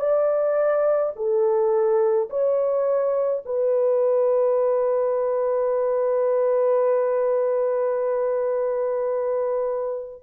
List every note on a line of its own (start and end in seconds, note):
0.00 1.13 D5
1.16 2.30 A4
2.30 3.43 C#5
3.46 10.23 B4